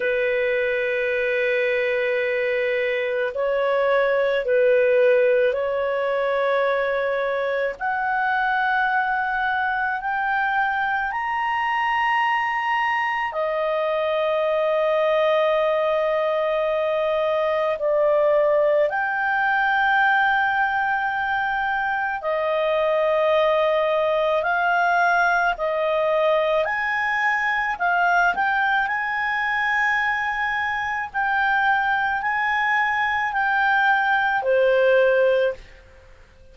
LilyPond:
\new Staff \with { instrumentName = "clarinet" } { \time 4/4 \tempo 4 = 54 b'2. cis''4 | b'4 cis''2 fis''4~ | fis''4 g''4 ais''2 | dis''1 |
d''4 g''2. | dis''2 f''4 dis''4 | gis''4 f''8 g''8 gis''2 | g''4 gis''4 g''4 c''4 | }